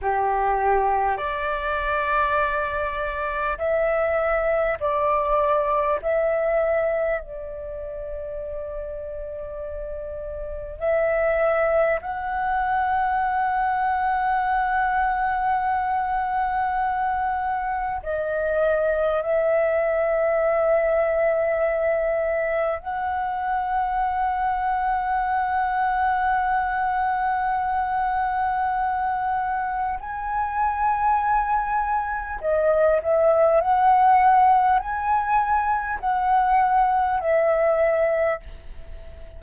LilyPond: \new Staff \with { instrumentName = "flute" } { \time 4/4 \tempo 4 = 50 g'4 d''2 e''4 | d''4 e''4 d''2~ | d''4 e''4 fis''2~ | fis''2. dis''4 |
e''2. fis''4~ | fis''1~ | fis''4 gis''2 dis''8 e''8 | fis''4 gis''4 fis''4 e''4 | }